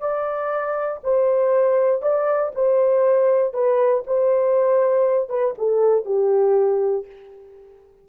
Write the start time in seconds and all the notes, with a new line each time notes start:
0.00 D5
1.03 C5
2.02 D5
2.55 C5
3.54 B4
4.07 C5
5.29 B4
5.58 A4
6.05 G4